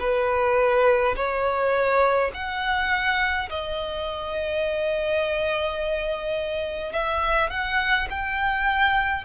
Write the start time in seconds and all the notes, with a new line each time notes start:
0.00 B4
1.16 C#5
2.34 F#5
3.50 D#5
6.93 E5
7.51 F#5
8.10 G5